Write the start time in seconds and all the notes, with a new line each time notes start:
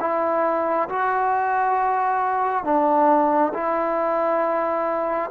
0.00 E4
0.89 F#4
2.64 D4
3.53 E4